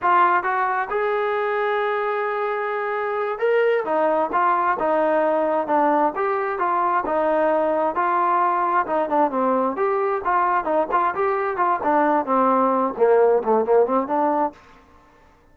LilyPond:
\new Staff \with { instrumentName = "trombone" } { \time 4/4 \tempo 4 = 132 f'4 fis'4 gis'2~ | gis'2.~ gis'8 ais'8~ | ais'8 dis'4 f'4 dis'4.~ | dis'8 d'4 g'4 f'4 dis'8~ |
dis'4. f'2 dis'8 | d'8 c'4 g'4 f'4 dis'8 | f'8 g'4 f'8 d'4 c'4~ | c'8 ais4 a8 ais8 c'8 d'4 | }